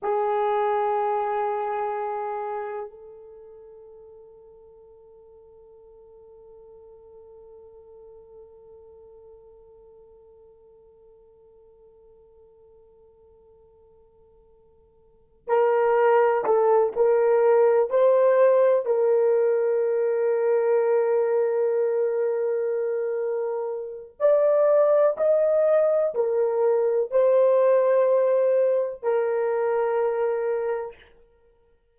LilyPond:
\new Staff \with { instrumentName = "horn" } { \time 4/4 \tempo 4 = 62 gis'2. a'4~ | a'1~ | a'1~ | a'1 |
ais'4 a'8 ais'4 c''4 ais'8~ | ais'1~ | ais'4 d''4 dis''4 ais'4 | c''2 ais'2 | }